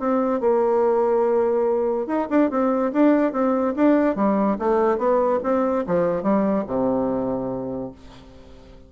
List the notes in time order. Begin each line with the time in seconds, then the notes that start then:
0.00 C4
0.41 A#3
2.07 D#4
2.31 D4
2.51 C4
2.93 D4
3.33 C4
3.77 D4
4.16 G3
4.59 A3
4.98 B3
5.44 C4
5.87 F3
6.23 G3
6.67 C3